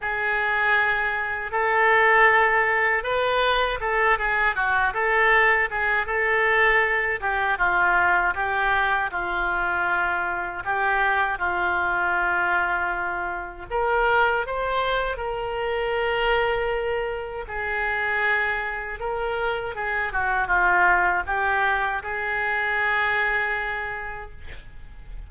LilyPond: \new Staff \with { instrumentName = "oboe" } { \time 4/4 \tempo 4 = 79 gis'2 a'2 | b'4 a'8 gis'8 fis'8 a'4 gis'8 | a'4. g'8 f'4 g'4 | f'2 g'4 f'4~ |
f'2 ais'4 c''4 | ais'2. gis'4~ | gis'4 ais'4 gis'8 fis'8 f'4 | g'4 gis'2. | }